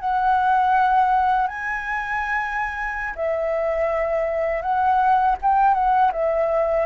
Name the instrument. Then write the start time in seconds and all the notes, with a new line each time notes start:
flute
0.00 F#5
1.47 G#5
3.16 E5
4.62 F#5
5.42 G5
5.74 F#5
6.12 E5